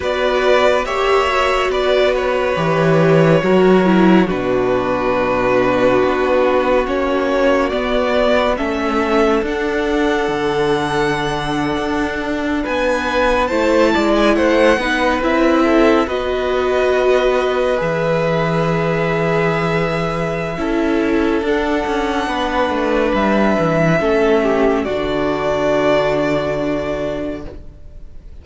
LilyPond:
<<
  \new Staff \with { instrumentName = "violin" } { \time 4/4 \tempo 4 = 70 d''4 e''4 d''8 cis''4.~ | cis''4 b'2. | cis''4 d''4 e''4 fis''4~ | fis''2~ fis''8. gis''4 a''16~ |
a''8 gis''16 fis''4 e''4 dis''4~ dis''16~ | dis''8. e''2.~ e''16~ | e''4 fis''2 e''4~ | e''4 d''2. | }
  \new Staff \with { instrumentName = "violin" } { \time 4/4 b'4 cis''4 b'2 | ais'4 fis'2.~ | fis'2 a'2~ | a'2~ a'8. b'4 c''16~ |
c''16 d''8 c''8 b'4 a'8 b'4~ b'16~ | b'1 | a'2 b'2 | a'8 g'8 fis'2. | }
  \new Staff \with { instrumentName = "viola" } { \time 4/4 fis'4 g'8 fis'4. g'4 | fis'8 e'8 d'2. | cis'4 b4 cis'4 d'4~ | d'2.~ d'8. e'16~ |
e'4~ e'16 dis'8 e'4 fis'4~ fis'16~ | fis'8. gis'2.~ gis'16 | e'4 d'2. | cis'4 d'2. | }
  \new Staff \with { instrumentName = "cello" } { \time 4/4 b4 ais4 b4 e4 | fis4 b,2 b4 | ais4 b4 a4 d'4 | d4.~ d16 d'4 b4 a16~ |
a16 gis8 a8 b8 c'4 b4~ b16~ | b8. e2.~ e16 | cis'4 d'8 cis'8 b8 a8 g8 e8 | a4 d2. | }
>>